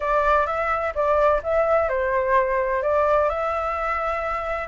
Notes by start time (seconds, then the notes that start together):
0.00 D5
0.46 E5
0.94 D5
1.43 E5
1.88 C5
2.82 D5
3.29 E5